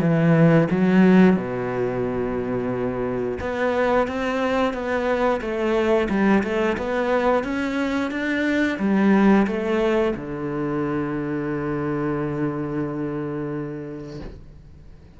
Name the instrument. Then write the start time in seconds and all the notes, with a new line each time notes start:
cello
0.00 E3
0.70 F#3
1.36 B2
3.40 B3
4.07 C4
4.73 B3
5.41 A3
6.09 G3
6.43 A3
6.77 B3
7.43 C#4
8.11 D4
8.79 G3
9.47 A3
10.16 D3